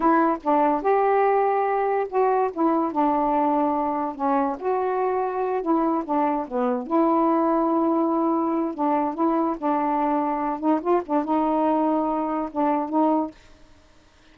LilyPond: \new Staff \with { instrumentName = "saxophone" } { \time 4/4 \tempo 4 = 144 e'4 d'4 g'2~ | g'4 fis'4 e'4 d'4~ | d'2 cis'4 fis'4~ | fis'4. e'4 d'4 b8~ |
b8 e'2.~ e'8~ | e'4 d'4 e'4 d'4~ | d'4. dis'8 f'8 d'8 dis'4~ | dis'2 d'4 dis'4 | }